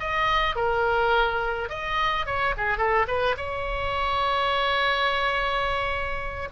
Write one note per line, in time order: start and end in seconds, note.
0.00 0.56 D#5
0.56 1.69 A#4
1.70 2.26 D#5
2.26 2.55 C#5
2.57 2.78 G#4
2.78 3.06 A4
3.08 3.36 B4
3.38 6.49 C#5